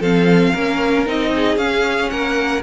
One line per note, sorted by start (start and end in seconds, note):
0.00 0.52 F3
0.00 0.56 C4
0.00 0.52 A4
0.00 1.06 F5
0.52 1.06 A#3
0.52 1.06 C#4
0.52 1.30 A#4
1.06 1.57 C4
1.06 1.57 D#4
1.06 1.57 D#5
1.35 2.11 G#4
1.57 2.09 C#4
1.57 2.61 C#4
1.57 2.10 F5
2.10 2.62 A#3
2.10 2.62 A#4
2.10 2.62 F#5